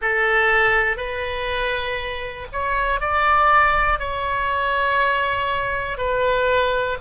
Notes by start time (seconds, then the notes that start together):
0.01 A4
0.96 B4
2.52 C#5
3.00 D5
3.99 C#5
5.97 B4